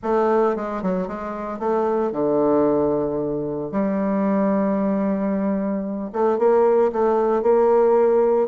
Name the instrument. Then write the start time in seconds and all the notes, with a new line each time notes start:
bassoon
0.02 A3
0.56 G#3
0.82 F#3
1.07 G#3
1.59 A3
2.12 D3
3.71 G3
6.12 A3
6.38 A#3
6.92 A3
7.42 A#3